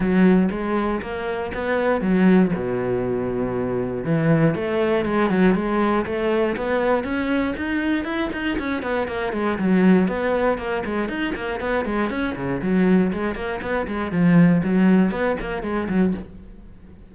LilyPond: \new Staff \with { instrumentName = "cello" } { \time 4/4 \tempo 4 = 119 fis4 gis4 ais4 b4 | fis4 b,2. | e4 a4 gis8 fis8 gis4 | a4 b4 cis'4 dis'4 |
e'8 dis'8 cis'8 b8 ais8 gis8 fis4 | b4 ais8 gis8 dis'8 ais8 b8 gis8 | cis'8 cis8 fis4 gis8 ais8 b8 gis8 | f4 fis4 b8 ais8 gis8 fis8 | }